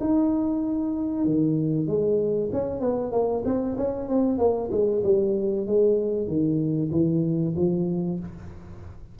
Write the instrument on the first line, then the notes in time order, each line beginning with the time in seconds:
tuba
0.00 D#4
1.25 D#3
1.87 G#3
2.52 C#4
2.80 B3
3.12 A#3
3.45 C4
3.78 C#4
4.09 C4
4.39 A#3
4.71 G#3
5.04 G3
5.67 G#3
6.28 D#3
6.92 E3
7.56 F3